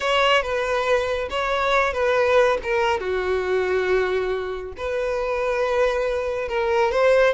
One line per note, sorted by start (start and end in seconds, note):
0.00 0.42 C#5
0.42 1.28 B4
1.30 1.93 C#5
1.93 2.58 B4
2.63 2.99 A#4
2.99 4.72 F#4
4.77 6.48 B4
6.48 6.91 A#4
6.91 7.33 C5